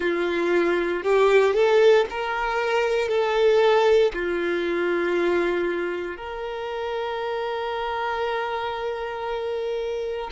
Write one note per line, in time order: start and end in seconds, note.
0.00 1.03 F4
1.03 1.53 G4
1.53 2.05 A4
2.10 3.08 A#4
3.08 4.11 A4
4.13 6.16 F4
6.16 10.30 A#4